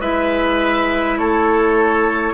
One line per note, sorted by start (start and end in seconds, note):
0.00 1.17 G#3
0.00 2.33 E4
0.00 1.18 B4
0.00 1.18 E5
1.17 2.33 A3
1.17 2.33 A4
1.17 2.33 C#5